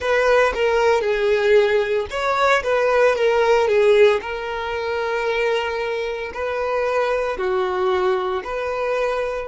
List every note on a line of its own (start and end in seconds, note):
0.00 0.53 B4
0.54 1.00 A#4
1.00 2.06 G#4
2.10 2.63 C#5
2.63 3.15 B4
3.15 3.67 A#4
3.67 4.20 G#4
4.21 6.32 A#4
6.33 7.37 B4
7.37 8.43 F#4
8.44 9.47 B4